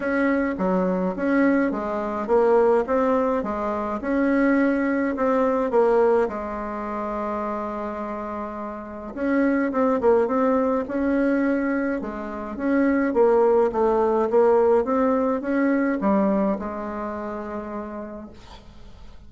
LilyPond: \new Staff \with { instrumentName = "bassoon" } { \time 4/4 \tempo 4 = 105 cis'4 fis4 cis'4 gis4 | ais4 c'4 gis4 cis'4~ | cis'4 c'4 ais4 gis4~ | gis1 |
cis'4 c'8 ais8 c'4 cis'4~ | cis'4 gis4 cis'4 ais4 | a4 ais4 c'4 cis'4 | g4 gis2. | }